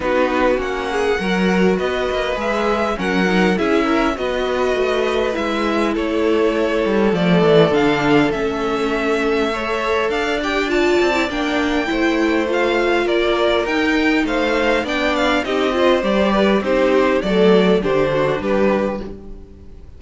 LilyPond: <<
  \new Staff \with { instrumentName = "violin" } { \time 4/4 \tempo 4 = 101 b'4 fis''2 dis''4 | e''4 fis''4 e''4 dis''4~ | dis''4 e''4 cis''2 | d''4 f''4 e''2~ |
e''4 f''8 g''8 a''4 g''4~ | g''4 f''4 d''4 g''4 | f''4 g''8 f''8 dis''4 d''4 | c''4 d''4 c''4 b'4 | }
  \new Staff \with { instrumentName = "violin" } { \time 4/4 fis'4. gis'8 ais'4 b'4~ | b'4 ais'4 gis'8 ais'8 b'4~ | b'2 a'2~ | a'1 |
cis''4 d''2. | c''2 ais'2 | c''4 d''4 g'8 c''4 b'8 | g'4 a'4 g'8 fis'8 g'4 | }
  \new Staff \with { instrumentName = "viola" } { \time 4/4 dis'4 cis'4 fis'2 | gis'4 cis'8 dis'8 e'4 fis'4~ | fis'4 e'2. | a4 d'4 cis'2 |
a'4. g'8 f'8. e'16 d'4 | e'4 f'2 dis'4~ | dis'4 d'4 dis'8 f'8 g'4 | dis'4 a4 d'2 | }
  \new Staff \with { instrumentName = "cello" } { \time 4/4 b4 ais4 fis4 b8 ais8 | gis4 fis4 cis'4 b4 | a4 gis4 a4. g8 | f8 e8 d4 a2~ |
a4 d'4. c'8 ais4 | a2 ais4 dis'4 | a4 b4 c'4 g4 | c'4 fis4 d4 g4 | }
>>